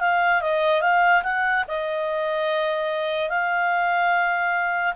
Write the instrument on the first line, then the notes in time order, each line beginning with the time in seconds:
clarinet
0.00 F5
0.41 D#5
0.81 F5
1.23 F#5
1.67 D#5
3.29 F5